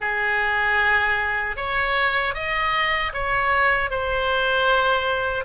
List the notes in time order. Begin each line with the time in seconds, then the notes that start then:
0.00 G#4
1.56 C#5
2.34 D#5
3.13 C#5
3.90 C5